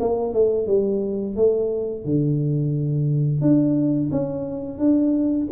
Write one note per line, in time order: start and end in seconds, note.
0.00 0.34 A#3
0.34 0.67 A3
0.67 1.36 G3
1.36 2.05 A3
2.05 3.42 D3
3.42 4.11 D4
4.12 4.79 C#4
4.79 5.48 D4